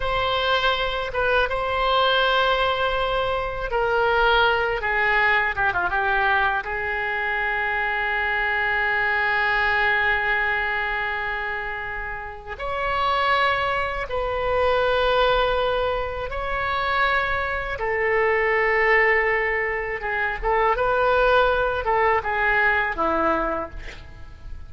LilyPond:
\new Staff \with { instrumentName = "oboe" } { \time 4/4 \tempo 4 = 81 c''4. b'8 c''2~ | c''4 ais'4. gis'4 g'16 f'16 | g'4 gis'2.~ | gis'1~ |
gis'4 cis''2 b'4~ | b'2 cis''2 | a'2. gis'8 a'8 | b'4. a'8 gis'4 e'4 | }